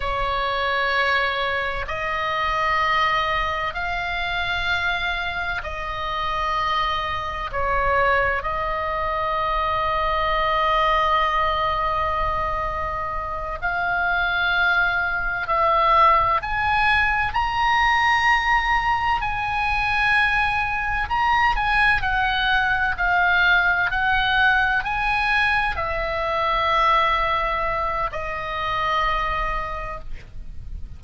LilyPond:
\new Staff \with { instrumentName = "oboe" } { \time 4/4 \tempo 4 = 64 cis''2 dis''2 | f''2 dis''2 | cis''4 dis''2.~ | dis''2~ dis''8 f''4.~ |
f''8 e''4 gis''4 ais''4.~ | ais''8 gis''2 ais''8 gis''8 fis''8~ | fis''8 f''4 fis''4 gis''4 e''8~ | e''2 dis''2 | }